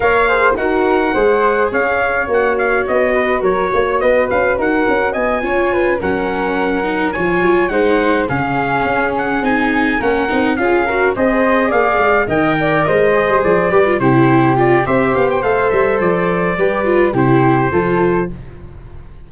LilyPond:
<<
  \new Staff \with { instrumentName = "trumpet" } { \time 4/4 \tempo 4 = 105 f''4 fis''2 f''4 | fis''8 f''8 dis''4 cis''4 dis''8 f''8 | fis''4 gis''4. fis''4.~ | fis''8 gis''4 fis''4 f''4. |
fis''8 gis''4 fis''4 f''4 dis''8~ | dis''8 f''4 g''4 dis''4 d''8~ | d''8 c''4 d''8 e''8 f''16 g''16 f''8 e''8 | d''2 c''2 | }
  \new Staff \with { instrumentName = "flute" } { \time 4/4 cis''8 c''8 ais'4 c''4 cis''4~ | cis''4. b'8 ais'8 cis''8 b'4 | ais'4 dis''8 cis''8 b'8 ais'4.~ | ais'8 cis''4 c''4 gis'4.~ |
gis'4. ais'4 gis'8 ais'8 c''8~ | c''8 d''4 dis''8 d''8 c''4. | b'8 g'4. c''2~ | c''4 b'4 g'4 a'4 | }
  \new Staff \with { instrumentName = "viola" } { \time 4/4 ais'8 gis'8 fis'4 gis'2 | fis'1~ | fis'4. f'4 cis'4. | dis'8 f'4 dis'4 cis'4.~ |
cis'8 dis'4 cis'8 dis'8 f'8 fis'8 gis'8~ | gis'4. ais'4. gis'4 | g'16 f'16 e'4 f'8 g'4 a'4~ | a'4 g'8 f'8 e'4 f'4 | }
  \new Staff \with { instrumentName = "tuba" } { \time 4/4 ais4 dis'4 gis4 cis'4 | ais4 b4 fis8 ais8 b8 cis'8 | dis'8 cis'8 b8 cis'4 fis4.~ | fis8 f8 fis8 gis4 cis4 cis'8~ |
cis'8 c'4 ais8 c'8 cis'4 c'8~ | c'8 ais8 gis8 dis4 gis8. g16 f8 | g8 c4. c'8 b8 a8 g8 | f4 g4 c4 f4 | }
>>